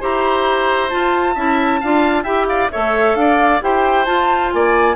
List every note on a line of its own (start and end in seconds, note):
0.00 0.92 E4
0.00 0.90 G4
0.00 1.34 C5
0.00 0.89 A#5
0.89 1.35 F4
0.89 2.24 A5
0.95 1.36 F4
1.34 1.81 C#4
1.34 1.81 E4
1.34 1.80 E5
1.81 2.24 D4
1.81 2.25 F4
1.81 2.23 F5
2.23 2.69 E4
2.23 2.70 G4
2.23 2.46 E5
2.23 2.46 G5
2.47 2.71 D5
2.47 2.70 F5
2.71 3.15 A3
2.71 3.61 A4
2.71 3.17 C#5
2.71 3.16 E5
3.15 3.60 D4
3.15 3.64 D5
3.15 3.61 F5
3.61 4.07 E4
3.61 4.06 G4
3.61 4.54 C5
3.61 4.05 G5
4.05 4.96 F4
4.05 4.52 F4
4.05 4.50 A5
4.52 4.96 A#3
4.52 4.96 D5
4.52 4.96 G#5